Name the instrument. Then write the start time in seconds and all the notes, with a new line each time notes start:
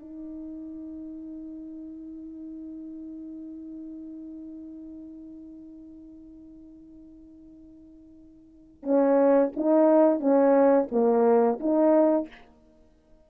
horn
0.00 D#4
8.84 C#4
9.57 D#4
10.20 C#4
10.92 A#3
11.60 D#4